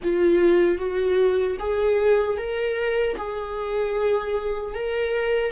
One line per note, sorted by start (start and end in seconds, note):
0.03 0.78 F4
0.78 1.57 F#4
1.59 2.37 G#4
2.37 3.16 A#4
3.17 4.74 G#4
4.74 5.51 A#4